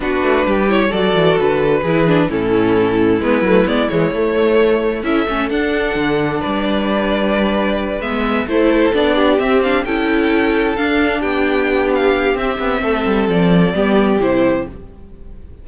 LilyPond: <<
  \new Staff \with { instrumentName = "violin" } { \time 4/4 \tempo 4 = 131 b'4. cis''8 d''4 b'4~ | b'4 a'2 b'4 | d''8 cis''2~ cis''8 e''4 | fis''2 d''2~ |
d''4. e''4 c''4 d''8~ | d''8 e''8 f''8 g''2 f''8~ | f''8 g''4. f''4 e''4~ | e''4 d''2 c''4 | }
  \new Staff \with { instrumentName = "violin" } { \time 4/4 fis'4 g'4 a'2 | gis'4 e'2.~ | e'2. a'4~ | a'2 b'2~ |
b'2~ b'8 a'4. | g'4. a'2~ a'8~ | a'8 g'2.~ g'8 | a'2 g'2 | }
  \new Staff \with { instrumentName = "viola" } { \time 4/4 d'4. e'8 fis'2 | e'8 d'8 cis'2 b8 a8 | b8 gis8 a2 e'8 cis'8 | d'1~ |
d'4. b4 e'4 d'8~ | d'8 c'8 d'8 e'2 d'8~ | d'2. c'4~ | c'2 b4 e'4 | }
  \new Staff \with { instrumentName = "cello" } { \time 4/4 b8 a8 g4 fis8 e8 d4 | e4 a,2 gis8 fis8 | gis8 e8 a2 cis'8 a8 | d'4 d4 g2~ |
g4. gis4 a4 b8~ | b8 c'4 cis'2 d'8~ | d'8 b2~ b8 c'8 b8 | a8 g8 f4 g4 c4 | }
>>